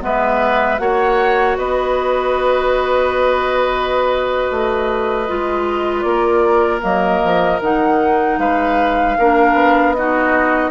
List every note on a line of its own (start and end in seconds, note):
0.00 0.79 G#3
0.00 0.78 B3
0.00 0.81 B4
0.00 0.78 E5
0.78 1.57 A#3
0.78 5.26 F#4
0.78 1.57 C#5
0.78 1.56 F#5
1.57 4.49 B3
1.57 6.06 B4
1.57 6.01 D#5
4.50 5.28 A3
5.27 6.03 G#3
5.27 6.80 F4
6.01 6.81 A#3
6.01 8.39 A#4
6.01 6.79 D5
6.80 7.22 F#3
6.80 7.58 A#3
6.80 7.61 D#5
7.23 7.61 F3
7.61 8.38 D#3
7.61 9.18 D#4
7.61 8.39 F#5
8.38 9.16 G#3
8.38 9.17 B4
8.38 9.94 F5
9.18 9.53 A#3
9.18 9.96 D4
9.18 9.96 A#4
9.53 10.70 B3
9.94 10.71 D#4
9.94 10.71 F#4
9.94 10.71 D#5